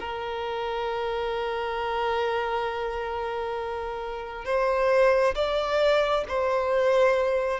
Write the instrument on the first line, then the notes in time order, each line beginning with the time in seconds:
violin
0.00 A#4
4.45 C5
5.35 D5
6.28 C5